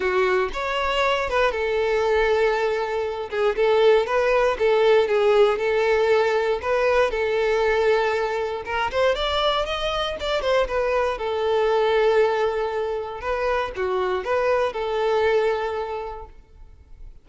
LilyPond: \new Staff \with { instrumentName = "violin" } { \time 4/4 \tempo 4 = 118 fis'4 cis''4. b'8 a'4~ | a'2~ a'8 gis'8 a'4 | b'4 a'4 gis'4 a'4~ | a'4 b'4 a'2~ |
a'4 ais'8 c''8 d''4 dis''4 | d''8 c''8 b'4 a'2~ | a'2 b'4 fis'4 | b'4 a'2. | }